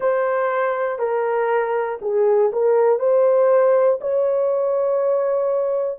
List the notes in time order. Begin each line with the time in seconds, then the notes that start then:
0.00 C5
0.98 A#4
2.01 G#4
2.52 A#4
2.99 C5
4.00 C#5